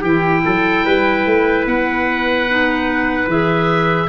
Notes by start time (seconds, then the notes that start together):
0.00 E3 E4 G4 G5
0.45 F#3 A4
0.85 G3 B4
1.25 A3
1.66 B3 F#5
2.48 D#4
3.27 E3 G#4 E5